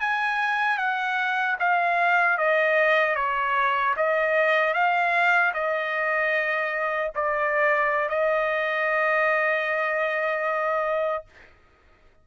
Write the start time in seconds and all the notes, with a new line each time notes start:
0.00 G#5
0.78 F#5
1.59 F5
2.37 D#5
3.15 C#5
3.96 D#5
4.73 F5
5.53 D#5
7.15 D5
8.08 D#5